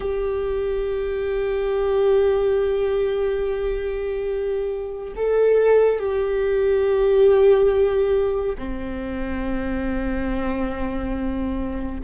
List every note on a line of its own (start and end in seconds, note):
0.00 5.13 G4
5.16 5.99 A4
5.99 8.56 G4
8.58 12.00 C4